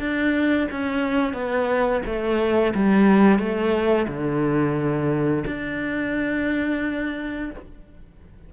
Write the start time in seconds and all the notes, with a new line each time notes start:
0.00 D4
0.72 C#4
1.34 B3
2.06 A3
2.75 G3
3.39 A3
4.08 D3
5.47 D4